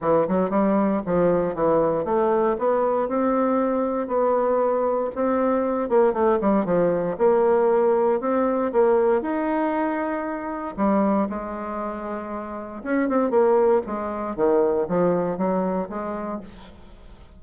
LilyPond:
\new Staff \with { instrumentName = "bassoon" } { \time 4/4 \tempo 4 = 117 e8 fis8 g4 f4 e4 | a4 b4 c'2 | b2 c'4. ais8 | a8 g8 f4 ais2 |
c'4 ais4 dis'2~ | dis'4 g4 gis2~ | gis4 cis'8 c'8 ais4 gis4 | dis4 f4 fis4 gis4 | }